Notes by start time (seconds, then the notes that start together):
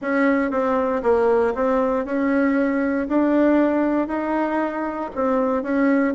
0.01 C#4
0.50 C4
1.02 A#3
1.54 C4
2.05 C#4
3.08 D4
4.07 D#4
5.15 C4
5.62 C#4